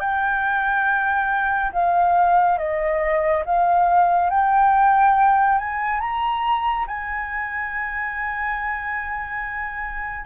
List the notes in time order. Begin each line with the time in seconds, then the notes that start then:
0.00 G5
1.73 F5
2.58 D#5
3.45 F5
4.30 G5
5.58 G#5
6.00 A#5
6.87 G#5